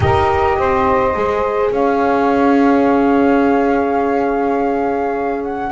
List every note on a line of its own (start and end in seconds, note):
0.00 0.57 D#4
0.00 1.13 G4
0.00 0.58 A#4
0.00 1.70 D#5
0.58 1.15 C4
0.58 1.72 C5
1.15 1.70 G#3
1.15 5.72 G#4
1.70 5.70 C#4
1.70 5.72 C#5
1.70 5.43 F5
5.43 5.72 F#5